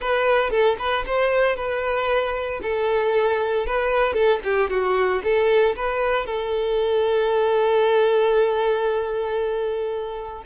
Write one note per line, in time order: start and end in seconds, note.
0.00 0.50 B4
0.50 0.76 A4
0.78 1.04 B4
1.06 1.56 C5
1.56 2.60 B4
2.62 3.66 A4
3.66 4.13 B4
4.13 4.39 A4
4.44 4.70 G4
4.70 5.22 F#4
5.23 5.75 A4
5.76 6.26 B4
6.26 10.43 A4